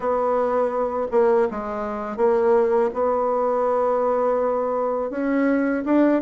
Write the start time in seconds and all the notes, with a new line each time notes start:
0.00 B3
1.11 A#3
1.50 G#3
2.16 A#3
2.93 B3
5.10 C#4
5.85 D4